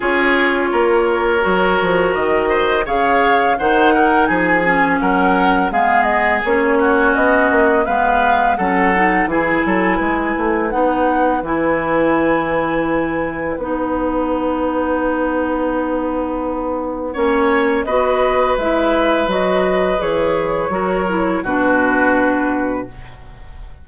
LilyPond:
<<
  \new Staff \with { instrumentName = "flute" } { \time 4/4 \tempo 4 = 84 cis''2. dis''4 | f''4 fis''4 gis''4 fis''4 | f''8 dis''8 cis''4 dis''4 f''4 | fis''4 gis''2 fis''4 |
gis''2. fis''4~ | fis''1~ | fis''4 dis''4 e''4 dis''4 | cis''2 b'2 | }
  \new Staff \with { instrumentName = "oboe" } { \time 4/4 gis'4 ais'2~ ais'8 c''8 | cis''4 c''8 ais'8 gis'4 ais'4 | gis'4. fis'4. b'4 | a'4 gis'8 a'8 b'2~ |
b'1~ | b'1 | cis''4 b'2.~ | b'4 ais'4 fis'2 | }
  \new Staff \with { instrumentName = "clarinet" } { \time 4/4 f'2 fis'2 | gis'4 dis'4. cis'4. | b4 cis'2 b4 | cis'8 dis'8 e'2 dis'4 |
e'2. dis'4~ | dis'1 | cis'4 fis'4 e'4 fis'4 | gis'4 fis'8 e'8 d'2 | }
  \new Staff \with { instrumentName = "bassoon" } { \time 4/4 cis'4 ais4 fis8 f8 dis4 | cis4 dis4 f4 fis4 | gis4 ais4 b8 ais8 gis4 | fis4 e8 fis8 gis8 a8 b4 |
e2. b4~ | b1 | ais4 b4 gis4 fis4 | e4 fis4 b,2 | }
>>